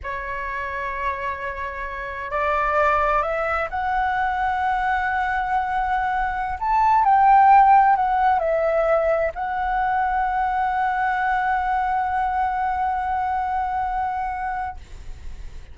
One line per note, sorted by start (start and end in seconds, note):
0.03 2.31 C#5
2.31 3.22 D5
3.22 3.68 E5
3.70 6.58 F#5
6.59 7.04 A5
7.04 7.96 G5
7.96 8.39 F#5
8.39 9.31 E5
9.34 14.77 F#5